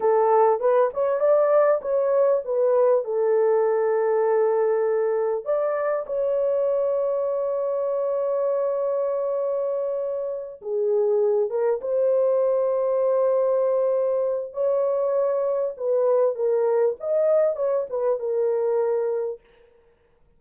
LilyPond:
\new Staff \with { instrumentName = "horn" } { \time 4/4 \tempo 4 = 99 a'4 b'8 cis''8 d''4 cis''4 | b'4 a'2.~ | a'4 d''4 cis''2~ | cis''1~ |
cis''4. gis'4. ais'8 c''8~ | c''1 | cis''2 b'4 ais'4 | dis''4 cis''8 b'8 ais'2 | }